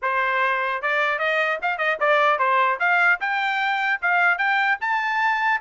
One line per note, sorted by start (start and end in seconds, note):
0.02 0.81 C5
0.81 1.18 D5
1.18 1.58 D#5
1.61 1.78 F5
1.78 1.98 D#5
1.99 2.39 D5
2.39 2.79 C5
2.79 3.19 F5
3.20 4.00 G5
4.01 4.38 F5
4.38 4.78 G5
4.81 5.61 A5